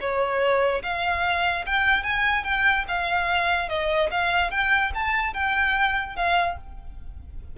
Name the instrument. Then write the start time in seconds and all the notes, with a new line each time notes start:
violin
0.00 C#5
0.83 F5
1.66 G5
2.03 G#5
2.44 G5
2.87 F5
3.69 D#5
4.11 F5
4.51 G5
4.94 A5
5.33 G5
6.16 F5